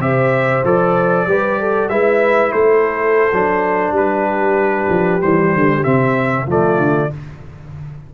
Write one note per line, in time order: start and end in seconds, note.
0.00 0.63 C3
0.00 0.63 G4
0.00 1.28 C5
0.00 0.65 E5
0.64 1.27 F3
0.64 1.28 A4
0.64 1.89 D5
1.27 1.89 G3
1.27 1.90 G4
1.27 1.60 B4
1.60 1.91 A4
1.89 2.52 G#3
1.89 3.32 E4
1.89 2.54 B4
1.89 2.52 E5
2.52 3.32 A3
2.52 3.96 A4
2.52 3.94 C5
3.33 3.91 F#3
3.33 5.22 D4
3.91 4.86 G3
3.91 5.22 B4
3.97 6.49 G4
4.90 5.21 F3
5.22 5.56 E3
5.22 5.84 G3
5.22 5.84 C5
5.56 5.86 D3
5.84 6.47 C3
5.84 6.47 C4
5.84 6.47 E5
6.47 6.78 F3
6.47 7.11 A3
6.47 7.12 F4
6.47 7.14 D5
6.78 7.09 D3